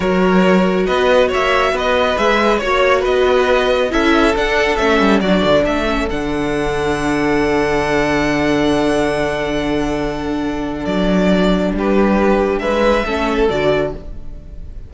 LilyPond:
<<
  \new Staff \with { instrumentName = "violin" } { \time 4/4 \tempo 4 = 138 cis''2 dis''4 e''4 | dis''4 e''4 cis''4 dis''4~ | dis''4 e''4 fis''4 e''4 | d''4 e''4 fis''2~ |
fis''1~ | fis''1~ | fis''4 d''2 b'4~ | b'4 e''2 d''4 | }
  \new Staff \with { instrumentName = "violin" } { \time 4/4 ais'2 b'4 cis''4 | b'2 cis''4 b'4~ | b'4 a'2. | fis'4 a'2.~ |
a'1~ | a'1~ | a'2. g'4~ | g'4 b'4 a'2 | }
  \new Staff \with { instrumentName = "viola" } { \time 4/4 fis'1~ | fis'4 gis'4 fis'2~ | fis'4 e'4 d'4 cis'4 | d'4. cis'8 d'2~ |
d'1~ | d'1~ | d'1~ | d'2 cis'4 fis'4 | }
  \new Staff \with { instrumentName = "cello" } { \time 4/4 fis2 b4 ais4 | b4 gis4 ais4 b4~ | b4 cis'4 d'4 a8 g8 | fis8 d8 a4 d2~ |
d1~ | d1~ | d4 fis2 g4~ | g4 gis4 a4 d4 | }
>>